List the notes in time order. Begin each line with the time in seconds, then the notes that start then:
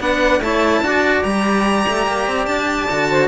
0.00 B3 D4 B4 F#5
0.40 A3 E4 C#5 A5
0.81 D4 F#4 D5
1.24 G3 G4 A#5
1.88 A3
2.07 A#3
2.28 C4
2.46 D4 A5
2.91 D3 F#4
3.10 C5